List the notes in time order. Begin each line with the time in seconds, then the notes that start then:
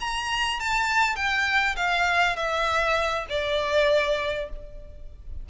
0.00 A#5
0.60 A5
1.16 G5
1.76 F5
2.36 E5
3.29 D5